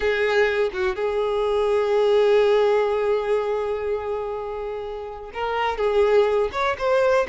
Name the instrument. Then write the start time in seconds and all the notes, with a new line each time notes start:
violin
0.00 G#4
0.73 F#4
0.95 G#4
5.33 A#4
5.77 G#4
6.52 C#5
6.78 C5